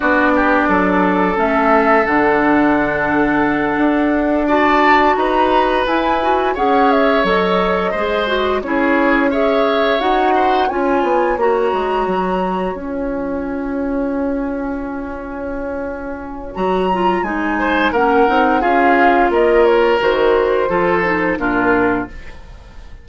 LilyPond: <<
  \new Staff \with { instrumentName = "flute" } { \time 4/4 \tempo 4 = 87 d''2 e''4 fis''4~ | fis''2~ fis''8 a''4 ais''8~ | ais''8 gis''4 fis''8 e''8 dis''4.~ | dis''8 cis''4 e''4 fis''4 gis''8~ |
gis''8 ais''2 gis''4.~ | gis''1 | ais''4 gis''4 fis''4 f''4 | dis''8 cis''8 c''2 ais'4 | }
  \new Staff \with { instrumentName = "oboe" } { \time 4/4 fis'8 g'8 a'2.~ | a'2~ a'8 d''4 b'8~ | b'4. cis''2 c''8~ | c''8 gis'4 cis''4. c''8 cis''8~ |
cis''1~ | cis''1~ | cis''4. c''8 ais'4 gis'4 | ais'2 a'4 f'4 | }
  \new Staff \with { instrumentName = "clarinet" } { \time 4/4 d'2 cis'4 d'4~ | d'2~ d'8 fis'4.~ | fis'8 e'8 fis'8 gis'4 a'4 gis'8 | fis'8 e'4 gis'4 fis'4 f'8~ |
f'8 fis'2 f'4.~ | f'1 | fis'8 f'8 dis'4 cis'8 dis'8 f'4~ | f'4 fis'4 f'8 dis'8 d'4 | }
  \new Staff \with { instrumentName = "bassoon" } { \time 4/4 b4 fis4 a4 d4~ | d4. d'2 dis'8~ | dis'8 e'4 cis'4 fis4 gis8~ | gis8 cis'2 dis'4 cis'8 |
b8 ais8 gis8 fis4 cis'4.~ | cis'1 | fis4 gis4 ais8 c'8 cis'4 | ais4 dis4 f4 ais,4 | }
>>